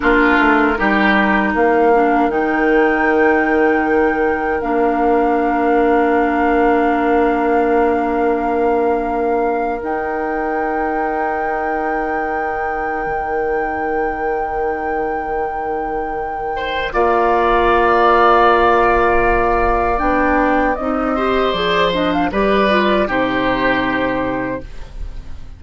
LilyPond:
<<
  \new Staff \with { instrumentName = "flute" } { \time 4/4 \tempo 4 = 78 ais'2 f''4 g''4~ | g''2 f''2~ | f''1~ | f''8. g''2.~ g''16~ |
g''1~ | g''2 f''2~ | f''2 g''4 dis''4 | d''8 dis''16 f''16 d''4 c''2 | }
  \new Staff \with { instrumentName = "oboe" } { \time 4/4 f'4 g'4 ais'2~ | ais'1~ | ais'1~ | ais'1~ |
ais'1~ | ais'4. c''8 d''2~ | d''2.~ d''8 c''8~ | c''4 b'4 g'2 | }
  \new Staff \with { instrumentName = "clarinet" } { \time 4/4 d'4 dis'4. d'8 dis'4~ | dis'2 d'2~ | d'1~ | d'8. dis'2.~ dis'16~ |
dis'1~ | dis'2 f'2~ | f'2 d'4 dis'8 g'8 | gis'8 d'8 g'8 f'8 dis'2 | }
  \new Staff \with { instrumentName = "bassoon" } { \time 4/4 ais8 a8 g4 ais4 dis4~ | dis2 ais2~ | ais1~ | ais8. dis'2.~ dis'16~ |
dis'4 dis2.~ | dis2 ais2~ | ais2 b4 c'4 | f4 g4 c2 | }
>>